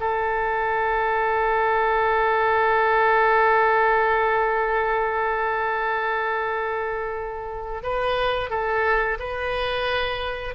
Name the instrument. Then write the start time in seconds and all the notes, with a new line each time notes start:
oboe
0.00 A4
7.83 B4
8.50 A4
9.20 B4